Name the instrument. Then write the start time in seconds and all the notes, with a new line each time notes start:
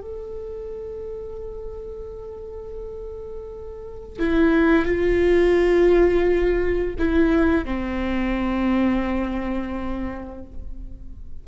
viola
0.00 A4
4.19 E4
4.85 F4
6.98 E4
7.65 C4